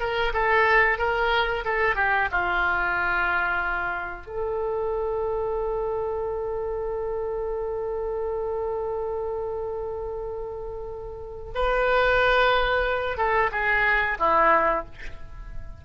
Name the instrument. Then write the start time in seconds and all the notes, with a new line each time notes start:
oboe
0.00 A#4
0.34 A4
0.99 A#4
1.65 A4
1.96 G4
2.32 F4
4.27 A4
11.55 B4
13.17 A4
13.52 G#4
14.19 E4